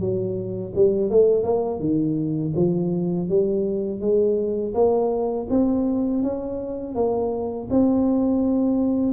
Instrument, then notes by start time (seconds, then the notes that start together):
tuba
0.00 F#3
0.75 G3
1.10 A3
1.44 A#3
1.80 D#3
2.56 F3
3.29 G3
4.01 G#3
4.75 A#3
5.50 C4
6.23 C#4
6.95 A#3
7.71 C4